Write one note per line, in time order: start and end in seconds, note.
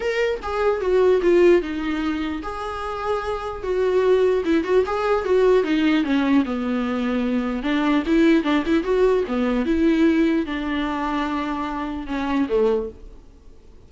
0.00 0.40 A#4
0.42 0.80 G#4
0.80 1.20 F#4
1.22 1.61 F4
1.61 2.42 D#4
2.42 3.63 G#4
3.63 4.43 F#4
4.45 4.64 E4
4.64 4.84 F#4
4.86 5.24 G#4
5.24 5.63 F#4
5.63 6.03 D#4
6.03 6.44 C#4
6.45 7.63 B3
7.63 8.03 D4
8.06 8.43 E4
8.43 8.63 D4
8.66 8.83 E4
8.83 9.24 F#4
9.27 9.65 B3
9.65 10.46 E4
10.46 12.06 D4
12.06 12.47 C#4
12.48 12.89 A3